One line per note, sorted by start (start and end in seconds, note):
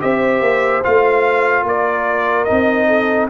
0.00 0.41 C4
0.00 0.82 G4
0.00 1.66 C5
0.00 0.84 E5
0.41 0.82 A#3
0.84 1.64 A3
0.84 2.48 F4
0.84 1.66 F5
1.64 2.46 A#3
1.64 2.88 A#4
1.64 2.45 D5
2.45 3.30 D#4
2.45 3.27 D#5
2.51 3.30 C4
2.88 3.29 A4